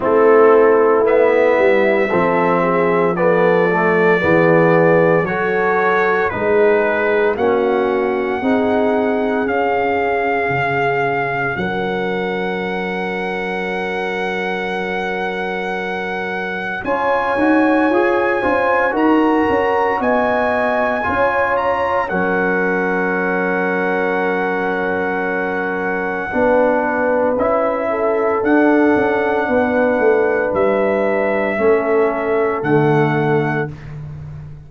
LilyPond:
<<
  \new Staff \with { instrumentName = "trumpet" } { \time 4/4 \tempo 4 = 57 a'4 e''2 d''4~ | d''4 cis''4 b'4 fis''4~ | fis''4 f''2 fis''4~ | fis''1 |
gis''2 ais''4 gis''4~ | gis''8 ais''8 fis''2.~ | fis''2 e''4 fis''4~ | fis''4 e''2 fis''4 | }
  \new Staff \with { instrumentName = "horn" } { \time 4/4 e'2 a'8 gis'8 a'4 | gis'4 a'4 gis'4 fis'4 | gis'2. ais'4~ | ais'1 |
cis''4. c''8 ais'4 dis''4 | cis''4 ais'2.~ | ais'4 b'4. a'4. | b'2 a'2 | }
  \new Staff \with { instrumentName = "trombone" } { \time 4/4 c'4 b4 c'4 b8 a8 | b4 fis'4 dis'4 cis'4 | dis'4 cis'2.~ | cis'1 |
f'8 fis'8 gis'8 f'8 fis'2 | f'4 cis'2.~ | cis'4 d'4 e'4 d'4~ | d'2 cis'4 a4 | }
  \new Staff \with { instrumentName = "tuba" } { \time 4/4 a4. g8 f2 | e4 fis4 gis4 ais4 | c'4 cis'4 cis4 fis4~ | fis1 |
cis'8 dis'8 f'8 cis'8 dis'8 cis'8 b4 | cis'4 fis2.~ | fis4 b4 cis'4 d'8 cis'8 | b8 a8 g4 a4 d4 | }
>>